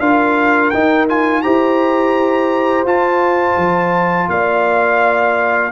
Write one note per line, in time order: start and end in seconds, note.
0.00 0.71 D4
0.00 0.73 F4
0.00 1.43 A#4
0.00 0.70 F5
0.70 1.45 D#4
0.70 1.09 D#4
0.70 1.06 G5
1.09 1.44 F4
1.09 1.42 G#5
1.42 2.84 E4
1.42 2.86 G4
1.42 4.29 C5
1.42 2.85 A#5
2.84 3.55 F4
2.84 5.72 F4
2.84 4.30 A5
3.57 4.28 F3
4.29 5.72 A#3
4.29 5.72 D5
4.29 5.72 F5